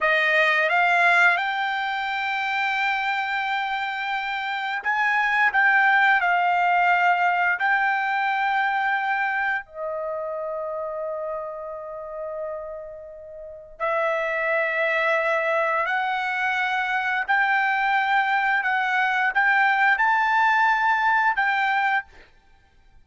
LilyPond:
\new Staff \with { instrumentName = "trumpet" } { \time 4/4 \tempo 4 = 87 dis''4 f''4 g''2~ | g''2. gis''4 | g''4 f''2 g''4~ | g''2 dis''2~ |
dis''1 | e''2. fis''4~ | fis''4 g''2 fis''4 | g''4 a''2 g''4 | }